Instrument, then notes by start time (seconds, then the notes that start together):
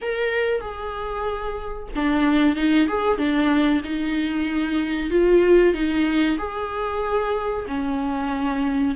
viola
0.01 A#4
0.60 G#4
1.95 D4
2.55 D#4
2.88 G#4
3.17 D4
3.84 D#4
5.10 F4
5.73 D#4
6.37 G#4
7.67 C#4